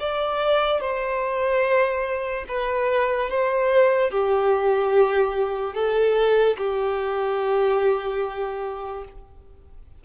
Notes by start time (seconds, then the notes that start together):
0.00 D5
0.81 C5
2.48 B4
3.30 C5
4.11 G4
5.75 A4
6.58 G4